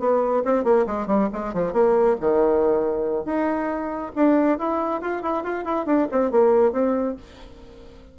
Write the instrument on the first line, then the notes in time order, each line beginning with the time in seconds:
bassoon
0.00 B3
0.45 C4
0.64 A#3
0.87 G#3
1.07 G3
1.33 G#3
1.54 F3
1.73 A#3
2.21 D#3
3.25 D#4
4.16 D4
4.59 E4
5.01 F4
5.23 E4
5.44 F4
5.65 E4
5.86 D4
6.12 C4
6.31 A#3
6.73 C4